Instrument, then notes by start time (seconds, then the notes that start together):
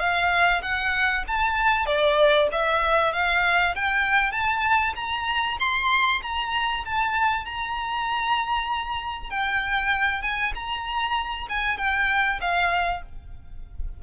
violin
0.00 F5
0.62 F#5
1.28 A5
1.86 D5
2.52 E5
3.13 F5
3.76 G5
4.32 A5
4.96 A#5
5.60 C6
6.23 A#5
6.85 A5
7.46 A#5
9.30 G5
10.22 G#5
10.55 A#5
11.49 G#5
11.78 G5
12.41 F5